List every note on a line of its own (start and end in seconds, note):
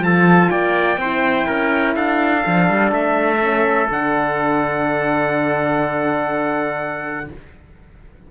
0.00 0.48 F3
0.00 0.98 F4
0.00 0.51 A4
0.00 0.50 A5
0.50 0.97 A#3
0.50 0.99 D5
0.50 1.95 G5
0.97 1.46 C4
0.97 2.42 E4
0.97 1.47 C5
1.47 1.97 C#4
1.47 1.96 A#4
1.96 2.45 D4
1.96 7.28 A4
1.96 2.93 F5
2.42 2.70 F3
2.42 3.38 D4
2.70 2.92 G3
2.92 3.89 A3
2.92 3.90 E5
3.41 3.89 C#4
3.90 7.29 D3
3.90 7.29 D4
3.90 7.31 F#5